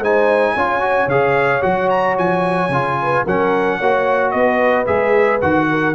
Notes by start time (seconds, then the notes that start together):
0.00 G#3 D#4 C5 G#5
0.56 C#4 F4 C#5
0.81 F#4
1.07 C#3 G#4 F5
1.62 F#3 F#4 F#5
1.90 A#5
2.18 F3 G#5
2.69 C#3 F4
3.02 B4
3.24 F#3 C#4 A#4 F#5
3.78 A#3 F#4 C#5
4.31 B3 B4 D#5
4.87 G#3 G#4 E5
5.41 D#3 F#4 F#5
5.70 A#4